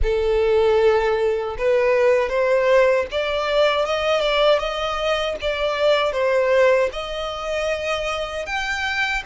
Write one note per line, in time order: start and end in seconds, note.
0.02 1.56 A4
1.58 2.29 B4
2.29 3.06 C5
3.11 3.85 D5
3.85 4.20 D#5
4.20 4.58 D5
4.58 5.35 D#5
5.41 6.12 D5
6.12 6.89 C5
6.92 8.46 D#5
8.46 9.23 G5